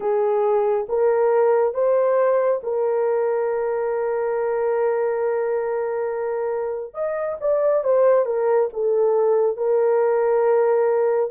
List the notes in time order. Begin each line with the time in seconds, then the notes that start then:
0.00 G#4
0.88 A#4
1.74 C5
2.63 A#4
6.94 D#5
7.40 D5
7.83 C5
8.25 A#4
8.73 A4
9.57 A#4